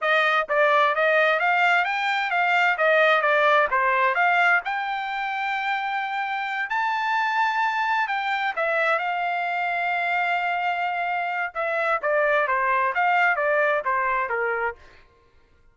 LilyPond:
\new Staff \with { instrumentName = "trumpet" } { \time 4/4 \tempo 4 = 130 dis''4 d''4 dis''4 f''4 | g''4 f''4 dis''4 d''4 | c''4 f''4 g''2~ | g''2~ g''8 a''4.~ |
a''4. g''4 e''4 f''8~ | f''1~ | f''4 e''4 d''4 c''4 | f''4 d''4 c''4 ais'4 | }